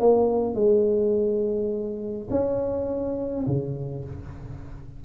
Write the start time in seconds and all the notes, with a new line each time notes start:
0.00 A#3
0.55 G#3
2.31 C#4
3.47 C#3